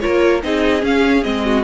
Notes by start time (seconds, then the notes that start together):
0.00 A#3 F4 A#4 C#5
0.42 C4 D#4 G#4 D#5
0.81 C#4 F5
1.22 G#3 C4 D#5
1.45 F#4